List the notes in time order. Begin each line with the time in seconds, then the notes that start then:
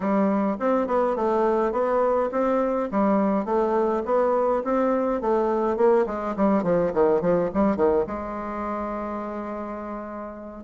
0.00 G3
0.59 C4
0.87 B3
1.16 A3
1.72 B3
2.31 C4
2.91 G3
3.45 A3
4.05 B3
4.64 C4
5.21 A3
5.76 A#3
6.06 G#3
6.36 G3
6.63 F3
6.93 D#3
7.21 F3
7.53 G3
7.76 D#3
8.06 G#3